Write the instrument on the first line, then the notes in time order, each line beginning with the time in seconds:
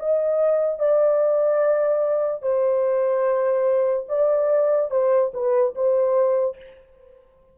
horn
0.00 D#5
0.79 D5
2.42 C5
4.09 D5
4.91 C5
5.34 B4
5.75 C5